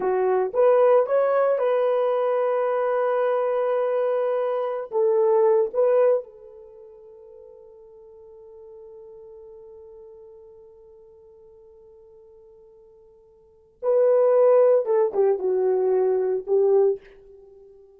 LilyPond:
\new Staff \with { instrumentName = "horn" } { \time 4/4 \tempo 4 = 113 fis'4 b'4 cis''4 b'4~ | b'1~ | b'4~ b'16 a'4. b'4 a'16~ | a'1~ |
a'1~ | a'1~ | a'2 b'2 | a'8 g'8 fis'2 g'4 | }